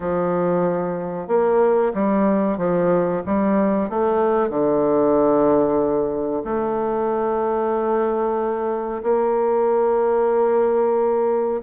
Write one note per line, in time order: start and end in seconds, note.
0.00 1.27 F3
1.27 1.92 A#3
1.94 2.57 G3
2.57 3.22 F3
3.26 3.89 G3
3.89 4.49 A3
4.49 6.43 D3
6.44 9.02 A3
9.03 11.61 A#3